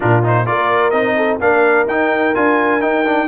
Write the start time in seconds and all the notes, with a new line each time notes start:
0.00 A#2 D4 F4 A#4
0.23 D#4 C5
0.46 A#3 F4 A#4 D5
0.90 C4 D#4 D#5
1.16 A4
1.39 A#3 D4 A#4 F5
1.86 D#4 G5
2.34 D4 F4 G#5
2.80 D#4 G5
3.05 D4